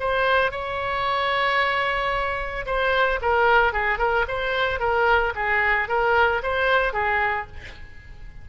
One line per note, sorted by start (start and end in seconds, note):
0.00 0.51 C5
0.51 2.65 C#5
2.66 3.20 C5
3.22 3.73 A#4
3.73 3.99 G#4
3.99 4.25 A#4
4.28 4.80 C5
4.80 5.33 A#4
5.35 5.88 G#4
5.88 6.42 A#4
6.43 6.93 C5
6.93 7.47 G#4